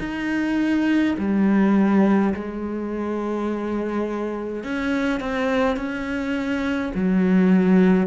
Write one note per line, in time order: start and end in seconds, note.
0.00 1.15 D#4
1.19 2.34 G3
2.34 4.64 G#3
4.64 5.20 C#4
5.20 5.77 C4
5.77 6.92 C#4
6.95 8.07 F#3